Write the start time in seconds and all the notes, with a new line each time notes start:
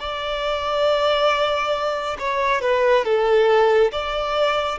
0.00 D5
2.19 C#5
2.62 B4
3.05 A4
3.92 D5